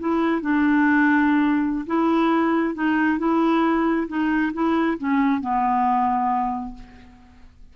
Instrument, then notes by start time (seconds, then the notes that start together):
clarinet
0.00 E4
0.42 D4
1.87 E4
2.75 D#4
3.19 E4
4.08 D#4
4.54 E4
4.99 C#4
5.41 B3